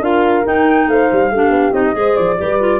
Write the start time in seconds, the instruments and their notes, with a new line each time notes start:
0.00 tuba D4, clarinet F4, horn A#4, flute F5
0.44 clarinet D#4, tuba D#4, flute G5
0.87 tuba A3, horn C5, flute F5
1.12 tuba G3
1.30 tuba A3, clarinet D4, horn G4
1.49 tuba B3
1.72 tuba C4, clarinet D#4, flute D#5
1.94 tuba G#3, clarinet G#4, horn C5
2.16 tuba F3, flute D5
2.37 tuba G3, clarinet G4, horn B4
2.59 clarinet F4